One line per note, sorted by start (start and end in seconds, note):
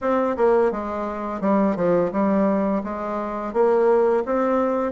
0.01 0.36 C4
0.37 0.71 A#3
0.71 1.41 G#3
1.41 1.76 G3
1.76 2.11 F3
2.11 2.82 G3
2.83 3.53 G#3
3.53 4.23 A#3
4.25 4.92 C4